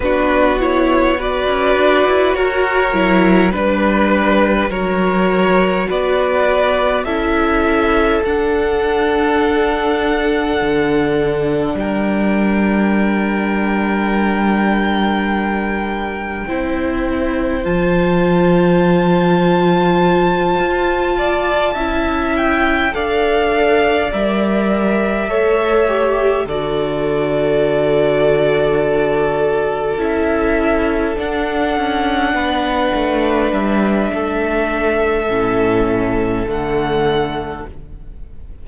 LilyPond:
<<
  \new Staff \with { instrumentName = "violin" } { \time 4/4 \tempo 4 = 51 b'8 cis''8 d''4 cis''4 b'4 | cis''4 d''4 e''4 fis''4~ | fis''2 g''2~ | g''2. a''4~ |
a''2. g''8 f''8~ | f''8 e''2 d''4.~ | d''4. e''4 fis''4.~ | fis''8 e''2~ e''8 fis''4 | }
  \new Staff \with { instrumentName = "violin" } { \time 4/4 fis'4 b'4 ais'4 b'4 | ais'4 b'4 a'2~ | a'2 ais'2~ | ais'2 c''2~ |
c''2 d''8 e''4 d''8~ | d''4. cis''4 a'4.~ | a'2.~ a'8 b'8~ | b'4 a'2. | }
  \new Staff \with { instrumentName = "viola" } { \time 4/4 d'8 e'8 fis'4. e'8 d'4 | fis'2 e'4 d'4~ | d'1~ | d'2 e'4 f'4~ |
f'2~ f'8 e'4 a'8~ | a'8 ais'4 a'8 g'8 fis'4.~ | fis'4. e'4 d'4.~ | d'2 cis'4 a4 | }
  \new Staff \with { instrumentName = "cello" } { \time 4/4 b4~ b16 cis'16 d'16 e'16 fis'8 fis8 g4 | fis4 b4 cis'4 d'4~ | d'4 d4 g2~ | g2 c'4 f4~ |
f4. f'4 cis'4 d'8~ | d'8 g4 a4 d4.~ | d4. cis'4 d'8 cis'8 b8 | a8 g8 a4 a,4 d4 | }
>>